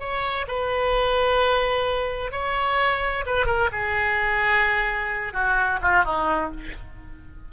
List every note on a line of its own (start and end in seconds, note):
0.00 0.47 C#5
0.48 2.32 B4
2.32 3.25 C#5
3.26 3.46 B4
3.46 3.70 A#4
3.72 5.34 G#4
5.34 5.80 F#4
5.82 6.05 F4
6.05 6.51 D#4